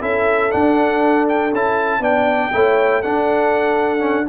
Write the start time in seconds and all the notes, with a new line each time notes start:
0.00 C#4 E4 A4 E5
0.50 D4 F#5
1.28 G5
1.53 C#4 E4 A5
2.00 B3 D4 D5 G5
2.53 A3 E4 C#5
3.02 D4 A4 F#5
3.99 C#4